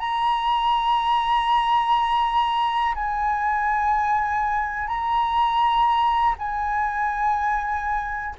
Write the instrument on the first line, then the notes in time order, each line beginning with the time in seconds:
flute
0.00 A#5
2.96 G#5
4.88 A#5
6.39 G#5